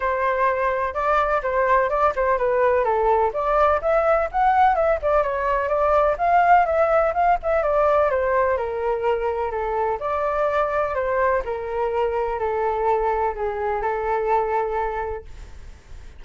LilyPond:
\new Staff \with { instrumentName = "flute" } { \time 4/4 \tempo 4 = 126 c''2 d''4 c''4 | d''8 c''8 b'4 a'4 d''4 | e''4 fis''4 e''8 d''8 cis''4 | d''4 f''4 e''4 f''8 e''8 |
d''4 c''4 ais'2 | a'4 d''2 c''4 | ais'2 a'2 | gis'4 a'2. | }